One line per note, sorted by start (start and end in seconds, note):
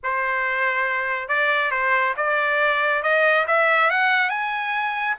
0.03 1.28 C5
1.28 1.71 D5
1.71 2.14 C5
2.16 3.02 D5
3.02 3.45 D#5
3.47 3.90 E5
3.90 4.29 F#5
4.29 5.15 G#5